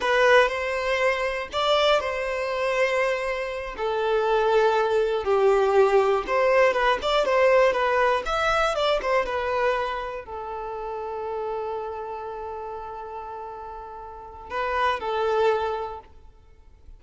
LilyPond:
\new Staff \with { instrumentName = "violin" } { \time 4/4 \tempo 4 = 120 b'4 c''2 d''4 | c''2.~ c''8 a'8~ | a'2~ a'8 g'4.~ | g'8 c''4 b'8 d''8 c''4 b'8~ |
b'8 e''4 d''8 c''8 b'4.~ | b'8 a'2.~ a'8~ | a'1~ | a'4 b'4 a'2 | }